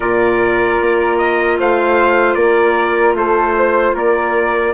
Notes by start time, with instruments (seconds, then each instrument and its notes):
0.00 bassoon A#2, clarinet F4, flute A#4, trumpet D5
0.80 bassoon A#3
1.18 trumpet D#5
1.58 bassoon A3, flute C5, trumpet F5
2.34 bassoon A#3, flute A#4, trumpet D5
3.14 bassoon A3, flute A4, trumpet C5
3.58 flute C5
3.94 bassoon A#3, flute A#4, trumpet D5